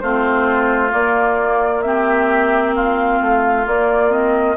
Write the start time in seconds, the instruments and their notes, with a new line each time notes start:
0.00 bassoon A3, clarinet C4, oboe F4, flute C5
0.89 clarinet A#3, bassoon A#3, flute D5
1.82 clarinet C4, oboe G4, flute E5
2.75 oboe F4, flute F5
3.21 bassoon A3
3.65 clarinet A#3, bassoon A#3, flute D5
4.10 clarinet C4, flute D#5